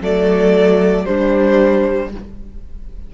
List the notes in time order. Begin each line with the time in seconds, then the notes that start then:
0.00 F#3 A3 A4 D5
1.05 G3 D4 C5